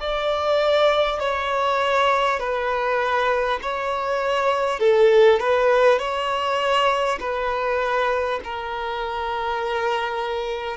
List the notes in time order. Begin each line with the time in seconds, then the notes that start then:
0.00 D5
1.20 C#5
2.40 B4
3.62 C#5
4.79 A4
5.40 B4
5.99 C#5
7.21 B4
8.44 A#4